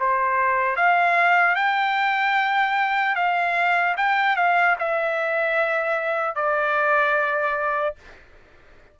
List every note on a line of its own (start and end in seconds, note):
0.00 0.77 C5
0.77 1.56 F5
1.56 3.16 G5
3.16 3.96 F5
3.97 4.37 G5
4.37 4.77 F5
4.80 6.36 E5
6.36 7.96 D5